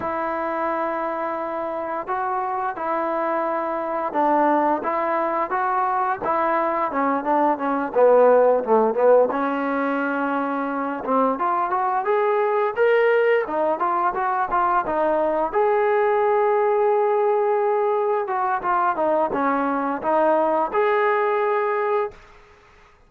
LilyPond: \new Staff \with { instrumentName = "trombone" } { \time 4/4 \tempo 4 = 87 e'2. fis'4 | e'2 d'4 e'4 | fis'4 e'4 cis'8 d'8 cis'8 b8~ | b8 a8 b8 cis'2~ cis'8 |
c'8 f'8 fis'8 gis'4 ais'4 dis'8 | f'8 fis'8 f'8 dis'4 gis'4.~ | gis'2~ gis'8 fis'8 f'8 dis'8 | cis'4 dis'4 gis'2 | }